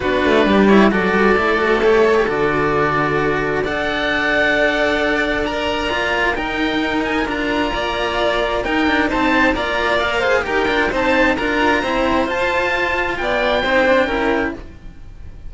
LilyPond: <<
  \new Staff \with { instrumentName = "oboe" } { \time 4/4 \tempo 4 = 132 b'4. cis''8 d''2 | cis''4 d''2. | fis''1 | ais''2 g''4. gis''8 |
ais''2. g''4 | a''4 ais''4 f''4 g''4 | a''4 ais''2 a''4~ | a''4 g''2. | }
  \new Staff \with { instrumentName = "violin" } { \time 4/4 fis'4 g'4 a'2~ | a'1 | d''1~ | d''2 ais'2~ |
ais'4 d''2 ais'4 | c''4 d''4. c''8 ais'4 | c''4 ais'4 c''2~ | c''4 d''4 c''4 ais'4 | }
  \new Staff \with { instrumentName = "cello" } { \time 4/4 d'4. e'8 fis'4 e'8 fis'8 | g'8 a'16 g'16 fis'2. | a'1 | ais'4 f'4 dis'2 |
f'2. dis'4~ | dis'4 f'4 ais'8 gis'8 g'8 f'8 | dis'4 f'4 c'4 f'4~ | f'2 dis'8 d'8 e'4 | }
  \new Staff \with { instrumentName = "cello" } { \time 4/4 b8 a8 g4 fis8 g8 a4~ | a4 d2. | d'1~ | d'4 ais4 dis'2 |
d'4 ais2 dis'8 d'8 | c'4 ais2 dis'8 d'8 | c'4 d'4 e'4 f'4~ | f'4 b4 c'4 cis'4 | }
>>